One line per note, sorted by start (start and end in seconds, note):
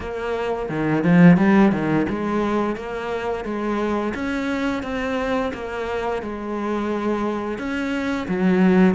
0.00 0.69 A#3
0.69 1.03 D#3
1.03 1.37 F3
1.37 1.71 G3
1.71 2.06 D#3
2.09 2.76 G#3
2.76 3.44 A#3
3.44 4.13 G#3
4.14 4.82 C#4
4.82 5.51 C4
5.53 6.22 A#3
6.22 7.58 G#3
7.58 8.27 C#4
8.28 8.94 F#3